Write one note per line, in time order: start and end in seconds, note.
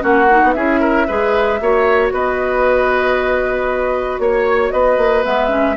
0.00 0.42 A#3
0.00 0.26 C#4
0.00 0.55 F#4
0.00 0.53 F#5
0.31 0.56 D#4
0.43 0.56 B3
0.53 1.08 C#4
0.53 1.08 E4
0.53 0.80 G#4
0.53 2.10 E5
0.80 1.07 A#4
1.08 1.61 G#3
1.08 1.61 G#4
1.08 1.60 B4
1.61 2.12 A#3
1.61 5.25 F#4
1.61 2.14 C#5
2.12 4.19 B3
2.12 4.22 B4
2.12 4.20 D#5
4.19 4.71 A#3
4.19 4.72 C#5
4.19 4.73 C#5
4.72 4.98 B3
4.72 5.77 B4
4.72 5.24 D#5
4.98 5.24 A#3
5.25 5.77 G#3
5.25 5.49 B3
5.25 5.77 E5
5.49 5.75 C#4